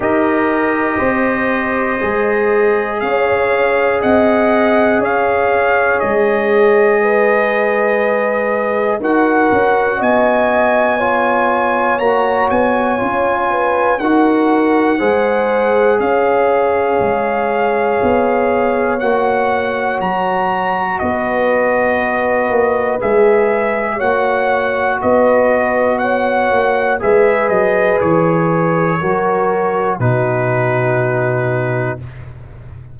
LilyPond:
<<
  \new Staff \with { instrumentName = "trumpet" } { \time 4/4 \tempo 4 = 60 dis''2. f''4 | fis''4 f''4 dis''2~ | dis''4 fis''4 gis''2 | ais''8 gis''4. fis''2 |
f''2. fis''4 | ais''4 dis''2 e''4 | fis''4 dis''4 fis''4 e''8 dis''8 | cis''2 b'2 | }
  \new Staff \with { instrumentName = "horn" } { \time 4/4 ais'4 c''2 cis''4 | dis''4 cis''2 b'4~ | b'4 ais'4 dis''4 cis''4~ | cis''4. b'8 ais'4 c''4 |
cis''1~ | cis''4 b'2. | cis''4 b'4 cis''4 b'4~ | b'4 ais'4 fis'2 | }
  \new Staff \with { instrumentName = "trombone" } { \time 4/4 g'2 gis'2~ | gis'1~ | gis'4 fis'2 f'4 | fis'4 f'4 fis'4 gis'4~ |
gis'2. fis'4~ | fis'2. gis'4 | fis'2. gis'4~ | gis'4 fis'4 dis'2 | }
  \new Staff \with { instrumentName = "tuba" } { \time 4/4 dis'4 c'4 gis4 cis'4 | c'4 cis'4 gis2~ | gis4 dis'8 cis'8 b2 | ais8 b8 cis'4 dis'4 gis4 |
cis'4 gis4 b4 ais4 | fis4 b4. ais8 gis4 | ais4 b4. ais8 gis8 fis8 | e4 fis4 b,2 | }
>>